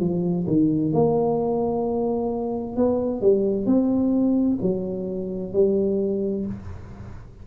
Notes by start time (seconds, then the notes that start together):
0.00 F3
0.47 D#3
0.93 A#3
2.76 B3
3.21 G3
3.66 C4
4.62 F#3
5.53 G3